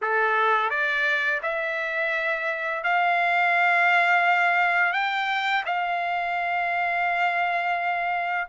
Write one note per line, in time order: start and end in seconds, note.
0.01 0.70 A4
0.70 1.40 D5
1.42 2.83 E5
2.83 4.93 F5
4.93 5.63 G5
5.65 8.48 F5